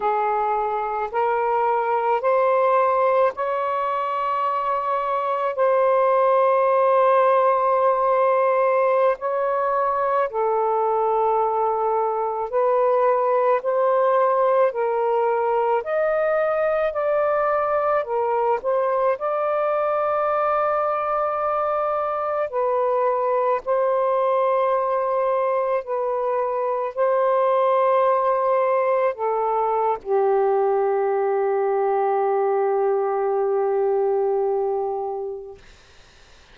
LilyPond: \new Staff \with { instrumentName = "saxophone" } { \time 4/4 \tempo 4 = 54 gis'4 ais'4 c''4 cis''4~ | cis''4 c''2.~ | c''16 cis''4 a'2 b'8.~ | b'16 c''4 ais'4 dis''4 d''8.~ |
d''16 ais'8 c''8 d''2~ d''8.~ | d''16 b'4 c''2 b'8.~ | b'16 c''2 a'8. g'4~ | g'1 | }